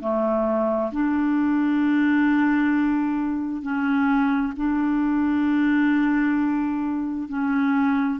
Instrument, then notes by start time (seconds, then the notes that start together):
clarinet
0.00 A3
0.91 D4
3.62 C#4
4.56 D4
7.28 C#4